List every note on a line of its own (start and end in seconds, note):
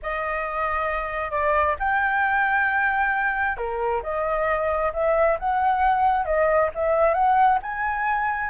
0.02 1.31 D#5
1.31 1.75 D5
1.79 3.57 G5
3.57 4.02 A#4
4.03 4.92 D#5
4.93 5.38 E5
5.39 6.25 F#5
6.25 6.70 D#5
6.74 7.14 E5
7.14 7.58 F#5
7.62 8.49 G#5